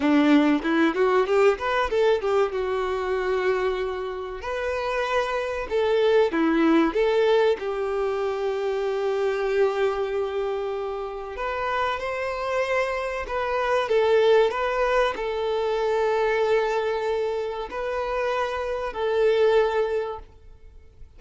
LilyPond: \new Staff \with { instrumentName = "violin" } { \time 4/4 \tempo 4 = 95 d'4 e'8 fis'8 g'8 b'8 a'8 g'8 | fis'2. b'4~ | b'4 a'4 e'4 a'4 | g'1~ |
g'2 b'4 c''4~ | c''4 b'4 a'4 b'4 | a'1 | b'2 a'2 | }